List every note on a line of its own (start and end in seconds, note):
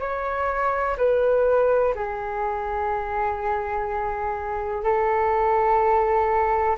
0.00 0.97 C#5
0.98 1.94 B4
1.95 4.83 G#4
4.83 6.77 A4